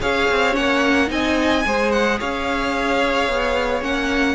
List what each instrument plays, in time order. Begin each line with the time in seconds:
0.00 cello C#4, viola G#4, violin C#5 F5
0.31 cello C4
0.52 cello A#3, viola C#4, violin F#5
1.07 cello C4, viola D#4, violin D#5 G#5
1.65 cello G#3, viola G#4, violin C5
1.91 violin F#5
2.19 cello C#4, violin C#5 F5
3.28 cello B3
3.81 cello A#3, viola C#4, violin F#5